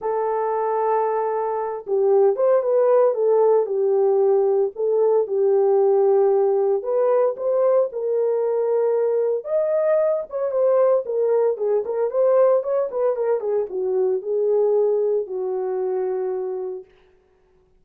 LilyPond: \new Staff \with { instrumentName = "horn" } { \time 4/4 \tempo 4 = 114 a'2.~ a'8 g'8~ | g'8 c''8 b'4 a'4 g'4~ | g'4 a'4 g'2~ | g'4 b'4 c''4 ais'4~ |
ais'2 dis''4. cis''8 | c''4 ais'4 gis'8 ais'8 c''4 | cis''8 b'8 ais'8 gis'8 fis'4 gis'4~ | gis'4 fis'2. | }